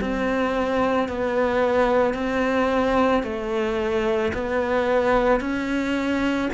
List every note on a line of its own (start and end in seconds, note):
0.00 1.08 C4
1.08 2.14 B3
2.14 3.23 C4
3.23 4.32 A3
4.33 5.40 B3
5.40 6.49 C#4